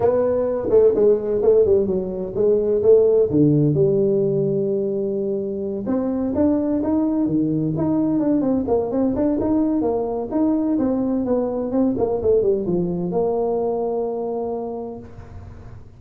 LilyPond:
\new Staff \with { instrumentName = "tuba" } { \time 4/4 \tempo 4 = 128 b4. a8 gis4 a8 g8 | fis4 gis4 a4 d4 | g1~ | g8 c'4 d'4 dis'4 dis8~ |
dis8 dis'4 d'8 c'8 ais8 c'8 d'8 | dis'4 ais4 dis'4 c'4 | b4 c'8 ais8 a8 g8 f4 | ais1 | }